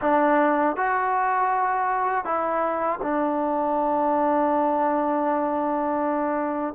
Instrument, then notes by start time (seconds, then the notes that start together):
trombone
0.01 D4
0.76 F#4
2.24 E4
3.02 D4